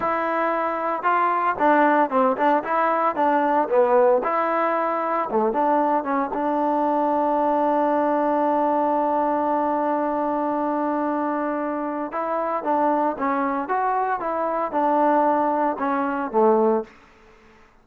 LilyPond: \new Staff \with { instrumentName = "trombone" } { \time 4/4 \tempo 4 = 114 e'2 f'4 d'4 | c'8 d'8 e'4 d'4 b4 | e'2 a8 d'4 cis'8 | d'1~ |
d'1~ | d'2. e'4 | d'4 cis'4 fis'4 e'4 | d'2 cis'4 a4 | }